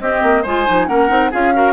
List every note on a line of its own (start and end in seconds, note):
0.00 0.22 C4
0.00 0.45 C4
0.00 0.42 G4
0.00 0.44 D#5
0.22 0.44 A#3
0.42 0.67 G#3
0.42 0.66 F4
0.42 0.86 C5
0.42 0.87 G#5
0.66 0.88 F3
0.66 0.87 D#4
0.87 1.10 A#3
0.87 1.08 C#4
0.87 1.31 A#4
0.87 1.31 F#5
1.08 1.32 C4
1.08 1.30 D#4
1.31 1.73 C#4
1.31 1.53 F4
1.31 1.53 G#4
1.31 1.73 F5
1.53 1.73 F#4
1.53 1.73 A#4